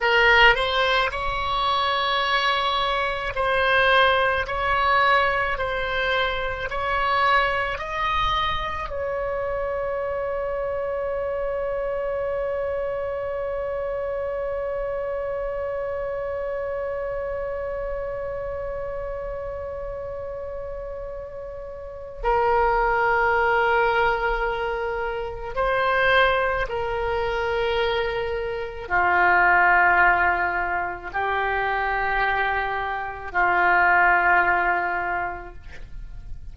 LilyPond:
\new Staff \with { instrumentName = "oboe" } { \time 4/4 \tempo 4 = 54 ais'8 c''8 cis''2 c''4 | cis''4 c''4 cis''4 dis''4 | cis''1~ | cis''1~ |
cis''1 | ais'2. c''4 | ais'2 f'2 | g'2 f'2 | }